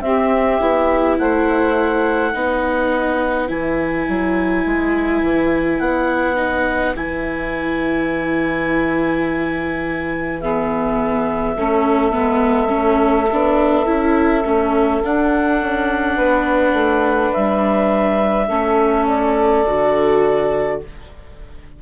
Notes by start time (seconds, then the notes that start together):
0.00 C4 G4 E5
0.61 B3 E4
1.18 A3 C5 F#5
2.32 B3 D#4 B4
3.48 E3 E4 G#5
4.08 F#3
4.65 G#3
5.22 E3
5.79 B3 F#5
6.36 D#4
6.96 E3 E4 G#5
10.40 B3 G#4 E5
11.56 A3 C#4 A4
12.12 G#3 B3
12.68 C#4
12.76 A3
13.32 B3 D4
13.85 C#4 E4
14.44 A3 C#4
15.04 D4 F#5
15.61 C#4
16.16 B3 B4
16.73 A3
17.33 G3 E5
18.47 A3 C#4 A4
19.07 D5
19.66 D3 F#4